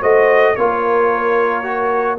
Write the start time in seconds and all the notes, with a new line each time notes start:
0.00 A3 F#4 C5 D#5
0.55 A#3 F4 A#4 C#5
1.63 F#4